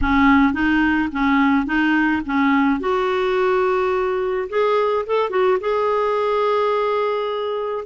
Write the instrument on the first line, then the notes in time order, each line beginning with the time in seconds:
clarinet
0.01 C#4
0.53 D#4
1.12 C#4
1.65 D#4
2.25 C#4
2.80 F#4
4.49 G#4
5.06 A4
5.30 F#4
5.60 G#4